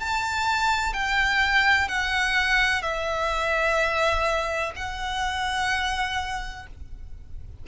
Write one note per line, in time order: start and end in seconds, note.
0.00 0.94 A5
0.94 1.88 G5
1.88 2.82 F#5
2.82 4.72 E5
4.76 6.66 F#5